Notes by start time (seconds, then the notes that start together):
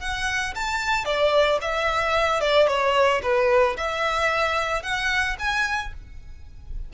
0.00 F#5
0.55 A5
1.05 D5
1.62 E5
2.40 D5
2.67 C#5
3.23 B4
3.77 E5
4.83 F#5
5.39 G#5